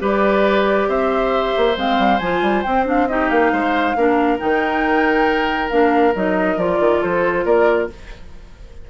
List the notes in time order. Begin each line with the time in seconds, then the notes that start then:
0.00 G3 G4 B4 D5
0.88 C4 C5 E5
1.57 A#3
1.76 G#3 C4 F5
1.99 G3
2.19 F3 F4 G#5
2.42 G3
2.63 C4 G5
2.86 D4 F5
3.08 D#4 G4 D#5
3.29 A#3 F5
3.53 G#3 C5
3.96 A#3 D4 A#4
4.39 D#3 D#4 G5
5.70 A#3 D4 F5
6.15 F#3 D#4 D#5
6.57 F3 F4 D5
6.80 D#3
7.01 F3 A4 C5
7.45 A#3 A#4 D5